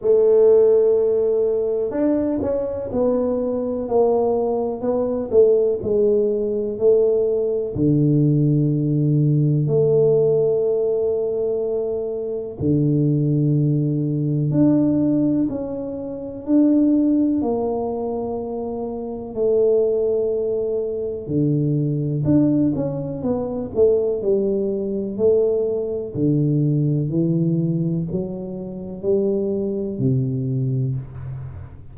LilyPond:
\new Staff \with { instrumentName = "tuba" } { \time 4/4 \tempo 4 = 62 a2 d'8 cis'8 b4 | ais4 b8 a8 gis4 a4 | d2 a2~ | a4 d2 d'4 |
cis'4 d'4 ais2 | a2 d4 d'8 cis'8 | b8 a8 g4 a4 d4 | e4 fis4 g4 c4 | }